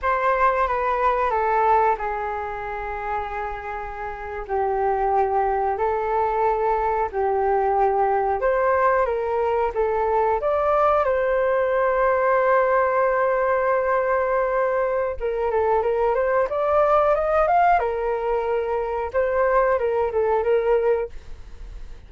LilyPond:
\new Staff \with { instrumentName = "flute" } { \time 4/4 \tempo 4 = 91 c''4 b'4 a'4 gis'4~ | gis'2~ gis'8. g'4~ g'16~ | g'8. a'2 g'4~ g'16~ | g'8. c''4 ais'4 a'4 d''16~ |
d''8. c''2.~ c''16~ | c''2. ais'8 a'8 | ais'8 c''8 d''4 dis''8 f''8 ais'4~ | ais'4 c''4 ais'8 a'8 ais'4 | }